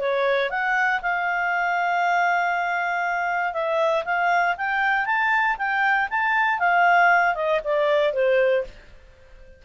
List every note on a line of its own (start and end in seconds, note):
0.00 0.50 C#5
0.50 1.01 F#5
1.03 3.54 F5
3.54 4.04 E5
4.05 4.56 F5
4.58 5.06 G5
5.06 5.57 A5
5.58 6.09 G5
6.10 6.59 A5
6.59 7.35 F5
7.35 7.61 D#5
7.64 8.14 D5
8.14 8.64 C5